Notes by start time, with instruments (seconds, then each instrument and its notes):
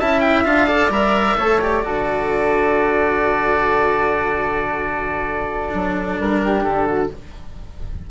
0.00 bassoon C#4, cello E4, flute E5, oboe A5
0.20 oboe G5
0.45 bassoon D4, cello F4, oboe F5
0.67 cello A4, flute D5
0.89 bassoon G3, cello A#4, oboe E5
1.37 bassoon A3, cello A4, flute C#5
1.60 cello G4, oboe D5
1.84 bassoon D3, cello F#4, flute A4
5.70 bassoon F#3, cello D4
6.20 bassoon G3, oboe A#4
6.44 flute G4
6.64 bassoon D3, oboe A4
6.87 flute F#4